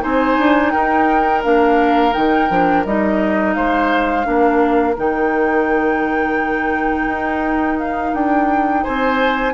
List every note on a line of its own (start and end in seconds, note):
0.00 0.38 C4
0.00 1.41 D#4
0.00 0.72 C5
0.00 0.71 G#5
0.38 0.73 D4
0.71 1.45 D#4
0.71 3.55 A#4
0.71 1.41 G5
1.43 2.15 A#3
1.43 2.12 D4
1.43 2.13 F5
2.12 2.50 D#3
2.12 2.48 D#4
2.12 2.84 G5
2.50 2.85 F3
2.50 2.85 D4
2.85 3.56 G3
2.85 4.23 D#4
2.85 3.53 D#5
3.53 4.26 G#3
3.53 4.26 C5
3.53 4.95 F5
4.23 4.97 A#3
4.23 4.94 D4
4.23 8.83 A#4
4.97 7.06 D#3
4.97 9.54 D#4
4.97 7.79 G5
7.06 8.12 D#4
7.79 8.14 F5
8.13 8.84 D4
8.13 8.84 G5
8.83 9.54 C4
8.83 9.53 C5
8.83 9.54 G#5